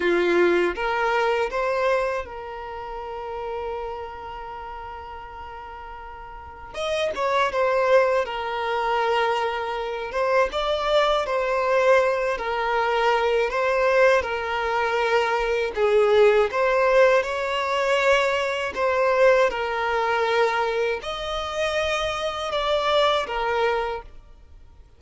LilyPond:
\new Staff \with { instrumentName = "violin" } { \time 4/4 \tempo 4 = 80 f'4 ais'4 c''4 ais'4~ | ais'1~ | ais'4 dis''8 cis''8 c''4 ais'4~ | ais'4. c''8 d''4 c''4~ |
c''8 ais'4. c''4 ais'4~ | ais'4 gis'4 c''4 cis''4~ | cis''4 c''4 ais'2 | dis''2 d''4 ais'4 | }